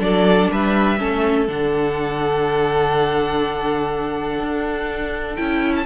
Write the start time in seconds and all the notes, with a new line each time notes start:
0.00 F#3 D4 A4 D5
0.52 G3 B4 E5
0.98 A3 C#4 A4
1.48 D3 D4 F#5
4.40 D4
5.36 C#4 E4 G5
5.76 A5